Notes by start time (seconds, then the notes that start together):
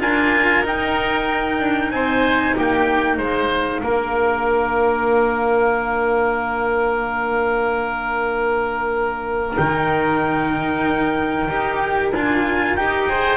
0.00 D4 F4 A#4 G#5
0.64 D#4 G5
1.60 D4
1.91 C4 C5 G#5
2.56 A#3 G4 G5
3.17 G#3 C5 F5
3.81 A#3 D4 A#4
9.57 D#3 D#4 G5
11.49 D#4 G4
12.12 D4 F4 G#5
12.77 D#4 G4 G5
13.09 G#4 C5